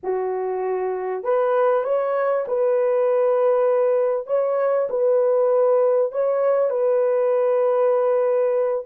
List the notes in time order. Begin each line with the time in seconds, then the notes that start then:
0.03 F#4
1.23 B4
1.83 C#5
2.47 B4
4.27 C#5
4.89 B4
6.12 C#5
6.70 B4